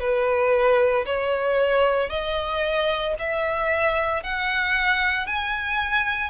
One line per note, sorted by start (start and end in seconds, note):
0.00 1.05 B4
1.06 2.10 C#5
2.10 3.15 D#5
3.19 4.23 E5
4.23 5.27 F#5
5.27 6.30 G#5